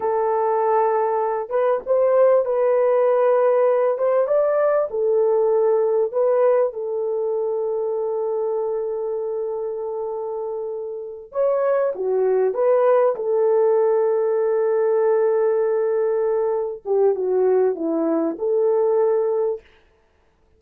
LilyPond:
\new Staff \with { instrumentName = "horn" } { \time 4/4 \tempo 4 = 98 a'2~ a'8 b'8 c''4 | b'2~ b'8 c''8 d''4 | a'2 b'4 a'4~ | a'1~ |
a'2~ a'8 cis''4 fis'8~ | fis'8 b'4 a'2~ a'8~ | a'2.~ a'8 g'8 | fis'4 e'4 a'2 | }